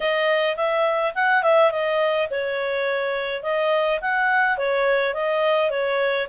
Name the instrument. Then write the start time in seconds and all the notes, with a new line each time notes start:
clarinet
0.00 D#5
0.56 E5
1.14 F#5
1.43 E5
1.71 D#5
2.30 C#5
3.42 D#5
4.01 F#5
4.57 C#5
5.14 D#5
5.70 C#5